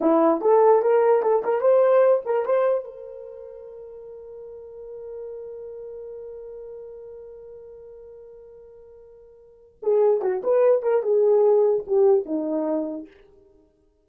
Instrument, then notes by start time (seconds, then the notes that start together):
horn
0.01 E4
0.41 A4
0.82 A#4
1.22 A4
1.44 A#4
1.60 C5
2.25 A#4
2.45 C5
2.84 A#4
9.82 G#4
10.21 F#4
10.43 B4
10.82 A#4
11.02 G#4
11.87 G4
12.25 D#4